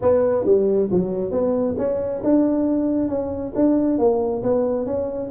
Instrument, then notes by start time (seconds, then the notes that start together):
tuba
0.01 B3
0.45 G3
0.91 F#3
1.31 B3
1.78 C#4
2.23 D4
3.08 C#4
3.55 D4
3.98 A#3
4.42 B3
4.85 C#4